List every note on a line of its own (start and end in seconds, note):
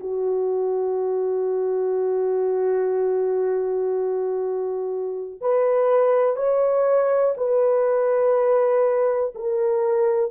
0.00 5.41 F#4
5.41 6.37 B4
6.37 7.35 C#5
7.37 9.34 B4
9.35 10.31 A#4